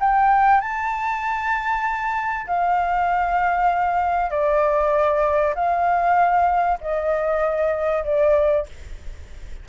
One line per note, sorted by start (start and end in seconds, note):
0.00 0.61 G5
0.61 2.47 A5
2.47 4.30 F5
4.30 5.54 D5
5.55 6.79 F5
6.81 8.04 D#5
8.04 8.66 D5